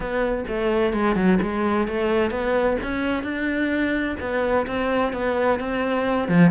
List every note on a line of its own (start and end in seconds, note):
0.00 0.44 B3
0.48 0.93 A3
0.93 1.15 G#3
1.15 1.38 F#3
1.42 1.87 G#3
1.87 2.30 A3
2.30 2.77 B3
2.82 3.23 C#4
3.23 4.16 D4
4.19 4.66 B3
4.66 5.13 C4
5.13 5.59 B3
5.59 6.28 C4
6.28 6.51 F3